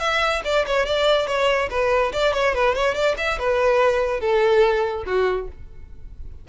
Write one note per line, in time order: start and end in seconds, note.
0.00 0.42 E5
0.45 0.66 D5
0.67 0.86 C#5
0.86 1.27 D5
1.27 1.69 C#5
1.71 2.12 B4
2.12 2.33 D5
2.33 2.54 C#5
2.55 2.75 B4
2.75 2.95 C#5
2.95 3.16 D5
3.18 3.39 E5
3.39 4.20 B4
4.20 5.04 A4
5.06 5.48 F#4